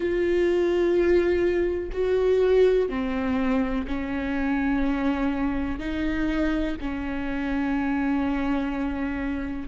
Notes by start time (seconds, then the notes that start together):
0.00 F4
1.92 F#4
2.89 C4
3.87 C#4
5.79 D#4
6.80 C#4